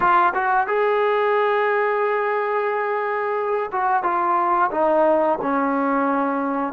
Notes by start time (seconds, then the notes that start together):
0.00 F4
0.34 F#4
0.67 G#4
3.72 F#4
4.03 F4
4.71 D#4
5.41 C#4